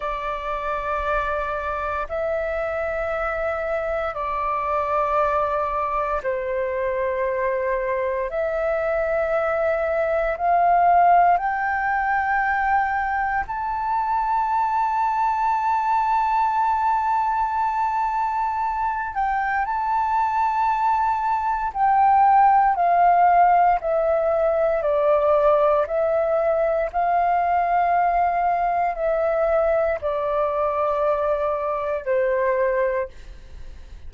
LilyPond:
\new Staff \with { instrumentName = "flute" } { \time 4/4 \tempo 4 = 58 d''2 e''2 | d''2 c''2 | e''2 f''4 g''4~ | g''4 a''2.~ |
a''2~ a''8 g''8 a''4~ | a''4 g''4 f''4 e''4 | d''4 e''4 f''2 | e''4 d''2 c''4 | }